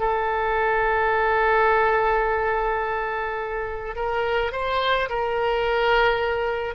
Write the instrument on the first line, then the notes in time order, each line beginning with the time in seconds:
oboe
0.00 A4
3.96 A#4
4.53 C5
5.10 A#4